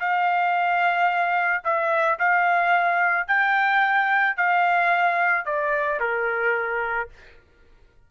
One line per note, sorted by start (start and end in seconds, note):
0.00 1.64 F5
1.64 2.19 E5
2.19 3.28 F5
3.28 4.37 G5
4.37 5.45 F5
5.45 6.00 D5
6.00 7.09 A#4